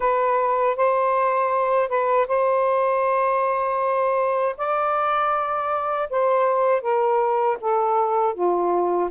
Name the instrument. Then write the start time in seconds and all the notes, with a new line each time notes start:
saxophone
0.00 B4
0.76 C5
1.88 B4
2.28 C5
4.57 D5
6.10 C5
6.81 A#4
7.60 A4
8.34 F4